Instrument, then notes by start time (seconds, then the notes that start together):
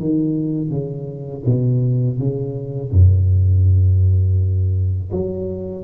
tuba
0.00 D#3
0.70 C#3
1.46 B2
2.19 C#3
2.92 F#2
5.12 F#3